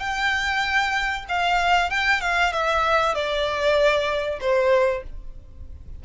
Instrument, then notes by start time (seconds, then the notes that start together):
violin
0.00 G5
1.29 F5
1.90 G5
2.21 F5
2.53 E5
3.14 D5
4.41 C5